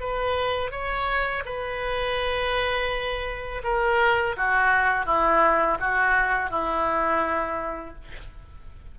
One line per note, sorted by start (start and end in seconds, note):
0.00 0.71 B4
0.71 1.43 C#5
1.45 3.62 B4
3.63 4.36 A#4
4.37 5.06 F#4
5.06 5.78 E4
5.80 6.50 F#4
6.50 7.95 E4